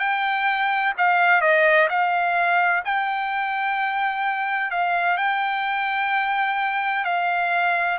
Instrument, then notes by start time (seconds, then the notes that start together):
trumpet
0.00 G5
0.98 F5
1.41 D#5
1.90 F5
2.86 G5
4.71 F5
5.18 G5
7.05 F5